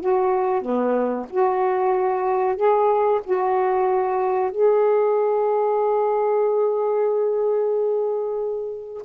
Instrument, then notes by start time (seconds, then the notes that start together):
saxophone
0.00 F#4
0.61 B3
1.30 F#4
2.55 G#4
3.23 F#4
4.51 G#4